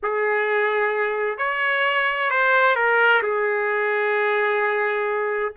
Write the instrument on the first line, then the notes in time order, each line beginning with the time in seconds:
trumpet
0.03 G#4
1.38 C#5
2.30 C5
2.75 A#4
3.22 G#4